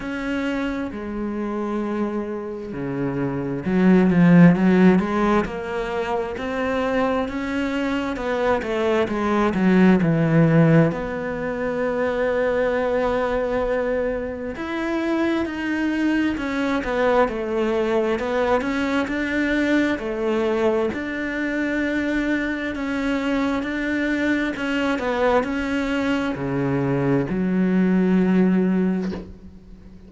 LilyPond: \new Staff \with { instrumentName = "cello" } { \time 4/4 \tempo 4 = 66 cis'4 gis2 cis4 | fis8 f8 fis8 gis8 ais4 c'4 | cis'4 b8 a8 gis8 fis8 e4 | b1 |
e'4 dis'4 cis'8 b8 a4 | b8 cis'8 d'4 a4 d'4~ | d'4 cis'4 d'4 cis'8 b8 | cis'4 cis4 fis2 | }